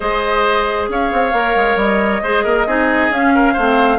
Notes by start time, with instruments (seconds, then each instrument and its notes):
0.00 bassoon G#3, clarinet G#4, oboe C5, flute D#5
0.88 bassoon C#4, oboe C#5, flute F5
1.12 bassoon C4
1.32 bassoon A#3, clarinet A#4
1.55 bassoon G#3
1.76 bassoon G3, flute D#5
2.22 bassoon G#3, clarinet G#4, oboe C5
2.44 bassoon A#3, oboe A#4
2.66 bassoon C4, clarinet D#4, oboe G#4
3.09 bassoon C#4, clarinet C#4, flute F5
3.34 oboe A#4
3.53 bassoon A3, clarinet C4, oboe C5